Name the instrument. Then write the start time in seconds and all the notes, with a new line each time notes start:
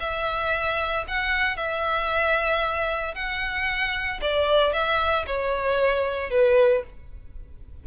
violin
0.00 E5
1.08 F#5
1.57 E5
3.15 F#5
4.21 D5
4.73 E5
5.27 C#5
6.30 B4